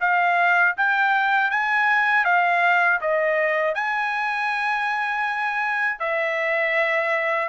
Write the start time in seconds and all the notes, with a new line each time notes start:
0.00 F5
0.76 G5
1.50 G#5
2.24 F5
3.00 D#5
3.74 G#5
5.99 E5